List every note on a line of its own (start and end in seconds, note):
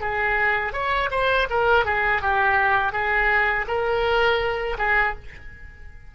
0.00 0.73 G#4
0.73 1.09 C#5
1.11 1.47 C5
1.50 1.85 A#4
1.85 2.21 G#4
2.21 2.92 G4
2.92 3.66 G#4
3.67 4.77 A#4
4.78 5.14 G#4